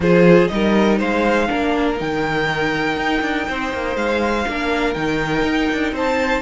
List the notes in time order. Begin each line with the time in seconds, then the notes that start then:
0.00 F3 F4 G#4 C5
0.47 G3 D#4 D#5
0.53 A#4
0.98 G#3 C5 F5
1.47 A#3 D4 A#4
1.97 D#3 D#4 G5
2.96 D#4
3.21 D4
3.48 C4 C5
3.72 A#3
3.95 G#3 F5
4.47 A#3 D4 A#4
4.93 D#3 D#4 G5
5.43 D#4
5.72 D4
5.92 C4 C5 A5